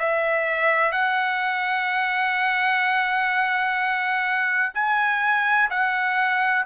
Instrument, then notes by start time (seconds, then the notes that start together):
trumpet
0.00 E5
0.92 F#5
4.74 G#5
5.71 F#5